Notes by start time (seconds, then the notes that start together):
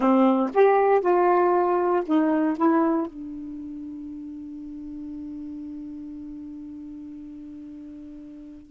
0.00 C4
0.54 G4
1.00 F4
2.05 D#4
2.56 E4
3.06 D4